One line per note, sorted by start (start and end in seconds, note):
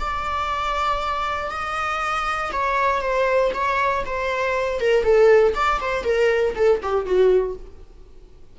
0.00 1.51 D5
1.51 2.52 D#5
2.53 3.02 C#5
3.02 3.52 C5
3.55 4.05 C#5
4.06 4.81 C5
4.81 5.04 A#4
5.04 5.54 A4
5.55 5.81 D5
5.81 6.05 C5
6.05 6.55 A#4
6.56 6.81 A4
6.83 7.06 G4
7.06 7.56 F#4